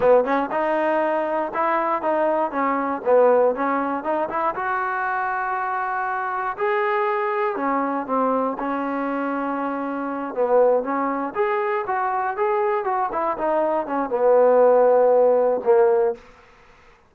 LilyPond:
\new Staff \with { instrumentName = "trombone" } { \time 4/4 \tempo 4 = 119 b8 cis'8 dis'2 e'4 | dis'4 cis'4 b4 cis'4 | dis'8 e'8 fis'2.~ | fis'4 gis'2 cis'4 |
c'4 cis'2.~ | cis'8 b4 cis'4 gis'4 fis'8~ | fis'8 gis'4 fis'8 e'8 dis'4 cis'8 | b2. ais4 | }